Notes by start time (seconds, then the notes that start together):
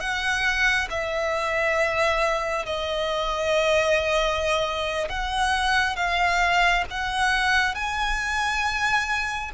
0.00 F#5
0.90 E5
2.66 D#5
5.09 F#5
5.96 F5
6.90 F#5
7.74 G#5